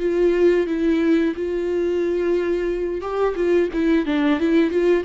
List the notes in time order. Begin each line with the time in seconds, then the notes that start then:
0.00 F4
0.67 E4
1.36 F4
3.02 G4
3.36 F4
3.74 E4
4.06 D4
4.40 E4
4.71 F4